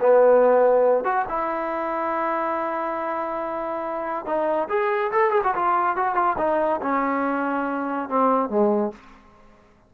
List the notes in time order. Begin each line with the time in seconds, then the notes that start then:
0.00 B3
1.04 F#4
1.29 E4
4.26 D#4
4.69 G#4
5.12 A4
5.31 G#4
5.44 F#4
5.55 F4
5.96 F#4
6.15 F4
6.38 D#4
6.82 C#4
8.09 C4
8.49 G#3